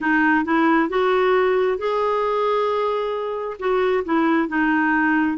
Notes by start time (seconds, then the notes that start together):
0.00 D#4
0.44 E4
0.89 F#4
1.77 G#4
3.59 F#4
4.04 E4
4.48 D#4